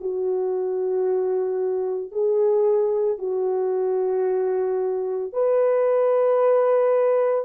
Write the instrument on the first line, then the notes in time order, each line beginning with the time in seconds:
horn
0.00 F#4
2.11 G#4
3.18 F#4
5.32 B4